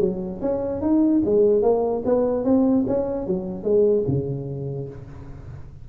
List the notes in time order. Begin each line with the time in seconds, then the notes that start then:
0.00 F#3
0.41 C#4
0.81 D#4
1.25 G#3
1.62 A#3
2.05 B3
2.44 C4
2.87 C#4
3.27 F#3
3.63 G#3
4.08 C#3